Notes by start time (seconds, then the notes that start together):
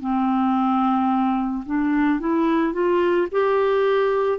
0.00 C4
1.66 D4
2.20 E4
2.73 F4
3.31 G4